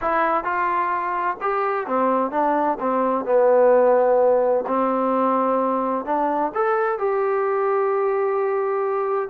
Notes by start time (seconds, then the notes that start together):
0.01 E4
0.44 F4
1.41 G4
1.86 C4
2.31 D4
2.80 C4
3.25 B3
4.67 C4
6.05 D4
6.54 A4
6.98 G4